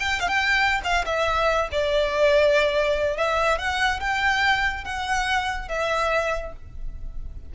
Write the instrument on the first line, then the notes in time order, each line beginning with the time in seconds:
violin
0.00 G5
0.20 F5
0.28 G5
0.84 F5
1.06 E5
1.72 D5
3.18 E5
3.59 F#5
4.00 G5
4.85 F#5
5.69 E5